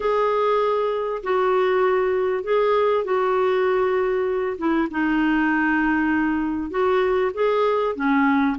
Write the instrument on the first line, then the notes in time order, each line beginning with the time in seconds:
clarinet
0.00 G#4
1.23 F#4
2.43 G#4
3.04 F#4
4.58 E4
4.91 D#4
6.70 F#4
7.34 G#4
7.95 C#4